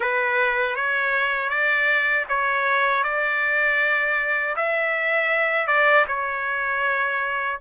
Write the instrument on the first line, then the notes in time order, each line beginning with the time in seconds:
trumpet
0.00 B4
0.75 C#5
1.49 D5
2.28 C#5
3.03 D5
4.56 E5
5.67 D5
6.07 C#5